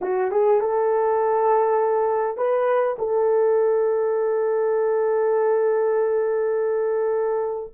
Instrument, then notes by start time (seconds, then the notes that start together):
horn
0.01 F#4
0.31 G#4
0.60 A4
2.37 B4
2.98 A4